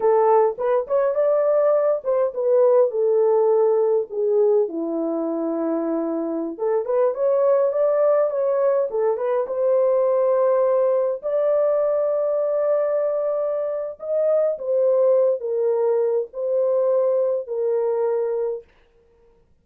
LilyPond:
\new Staff \with { instrumentName = "horn" } { \time 4/4 \tempo 4 = 103 a'4 b'8 cis''8 d''4. c''8 | b'4 a'2 gis'4 | e'2.~ e'16 a'8 b'16~ | b'16 cis''4 d''4 cis''4 a'8 b'16~ |
b'16 c''2. d''8.~ | d''1 | dis''4 c''4. ais'4. | c''2 ais'2 | }